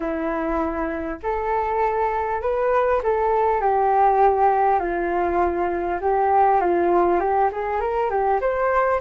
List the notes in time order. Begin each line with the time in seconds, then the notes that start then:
0.00 E4
1.22 A4
2.41 B4
3.03 A4
3.61 G4
4.79 F4
6.00 G4
6.60 F4
7.20 G4
7.52 G#4
7.80 A#4
8.10 G4
8.40 C5